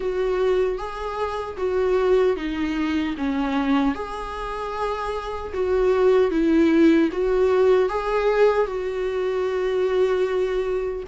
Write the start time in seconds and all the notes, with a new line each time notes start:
0.00 F#4
0.78 G#4
1.57 F#4
2.36 D#4
3.17 C#4
3.95 G#4
5.53 F#4
6.31 E4
7.12 F#4
7.89 G#4
8.66 F#4